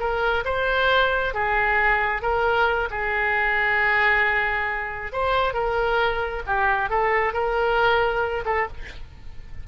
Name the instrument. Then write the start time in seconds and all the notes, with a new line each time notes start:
oboe
0.00 A#4
0.45 C5
1.35 G#4
2.23 A#4
2.91 G#4
5.13 C5
5.54 A#4
6.47 G4
6.90 A4
7.34 A#4
8.46 A4